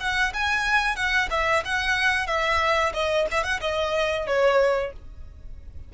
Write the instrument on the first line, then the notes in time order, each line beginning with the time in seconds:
violin
0.00 F#5
0.34 G#5
0.96 F#5
1.31 E5
1.65 F#5
2.27 E5
2.94 D#5
3.31 E5
3.43 F#5
3.61 D#5
4.27 C#5